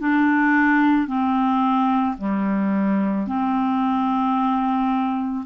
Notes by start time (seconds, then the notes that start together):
0.00 D4
1.08 C4
2.18 G3
3.27 C4